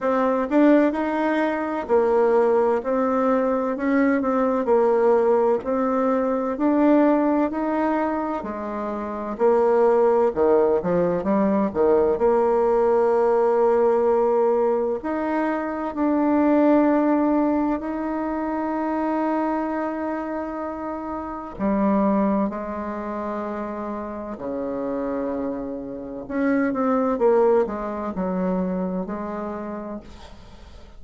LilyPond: \new Staff \with { instrumentName = "bassoon" } { \time 4/4 \tempo 4 = 64 c'8 d'8 dis'4 ais4 c'4 | cis'8 c'8 ais4 c'4 d'4 | dis'4 gis4 ais4 dis8 f8 | g8 dis8 ais2. |
dis'4 d'2 dis'4~ | dis'2. g4 | gis2 cis2 | cis'8 c'8 ais8 gis8 fis4 gis4 | }